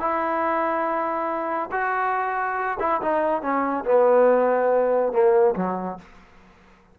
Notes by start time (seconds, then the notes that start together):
0.00 E4
1.72 F#4
2.80 E4
3.02 D#4
3.42 C#4
3.85 B3
5.12 A#3
5.56 F#3